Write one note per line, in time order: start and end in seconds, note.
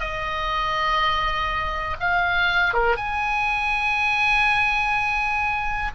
0.00 1.97 D#5
2.00 2.74 F5
2.74 2.96 A#4
2.96 5.92 G#5